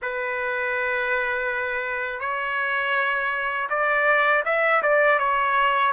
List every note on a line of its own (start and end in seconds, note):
0.02 2.20 B4
2.20 3.68 C#5
3.69 4.43 D5
4.45 4.82 E5
4.82 5.19 D5
5.19 5.93 C#5